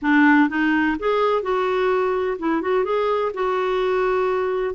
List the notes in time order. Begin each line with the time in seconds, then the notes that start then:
0.02 D4
0.49 D#4
0.99 G#4
1.42 F#4
2.39 E4
2.61 F#4
2.84 G#4
3.33 F#4